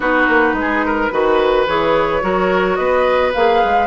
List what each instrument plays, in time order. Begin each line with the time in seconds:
0.00 bassoon B3, clarinet D#4, oboe F#4, flute B4
0.28 bassoon A#3
0.53 bassoon G#3
0.61 oboe G#4
0.85 oboe A#4
1.11 bassoon D#3, clarinet F#4, oboe B4
1.67 bassoon E3, clarinet G#4, flute C#5
2.20 bassoon F#3, clarinet F#4, oboe A#4
2.75 bassoon B3, oboe B4, flute D#5
3.34 bassoon A#3, clarinet G#4, flute F5
3.64 bassoon G#3